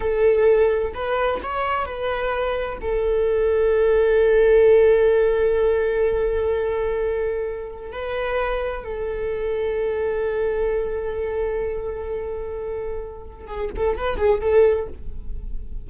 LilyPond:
\new Staff \with { instrumentName = "viola" } { \time 4/4 \tempo 4 = 129 a'2 b'4 cis''4 | b'2 a'2~ | a'1~ | a'1~ |
a'4 b'2 a'4~ | a'1~ | a'1~ | a'4 gis'8 a'8 b'8 gis'8 a'4 | }